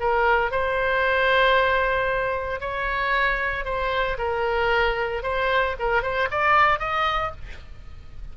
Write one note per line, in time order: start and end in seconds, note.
0.00 0.51 A#4
0.51 2.60 C5
2.60 3.65 C#5
3.65 4.17 C5
4.18 5.23 A#4
5.23 5.76 C5
5.79 6.02 A#4
6.02 6.29 C5
6.31 6.79 D5
6.79 7.32 D#5